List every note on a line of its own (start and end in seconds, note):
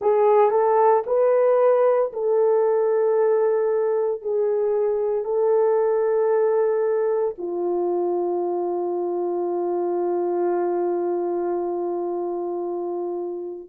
0.00 0.50 G#4
0.50 1.03 A4
1.06 2.11 B4
2.12 4.21 A4
4.21 5.24 G#4
5.24 7.34 A4
7.37 13.68 F4